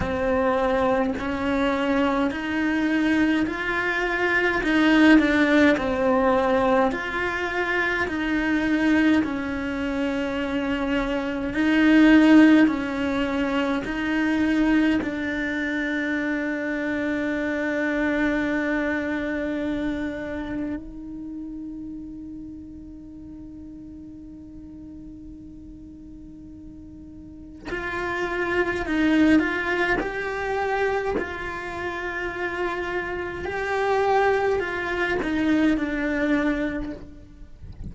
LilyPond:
\new Staff \with { instrumentName = "cello" } { \time 4/4 \tempo 4 = 52 c'4 cis'4 dis'4 f'4 | dis'8 d'8 c'4 f'4 dis'4 | cis'2 dis'4 cis'4 | dis'4 d'2.~ |
d'2 dis'2~ | dis'1 | f'4 dis'8 f'8 g'4 f'4~ | f'4 g'4 f'8 dis'8 d'4 | }